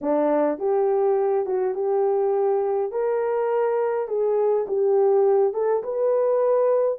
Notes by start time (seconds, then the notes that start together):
0.01 D4
0.58 G4
1.46 F#4
1.74 G4
2.91 A#4
4.08 G#4
4.67 G4
5.53 A4
5.83 B4